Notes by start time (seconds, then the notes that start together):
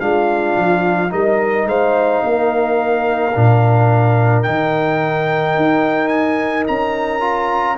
0.00 G#3 D4 F4 F5
0.57 F3
1.09 G3 D#4 A#4 D#5
1.66 G#3 C5 F5
2.23 A#3 A#4
3.35 A#2 D4
4.43 D#3 D#4 G5
5.56 D#4
6.08 G#5
6.67 C#4 A#5
7.20 F4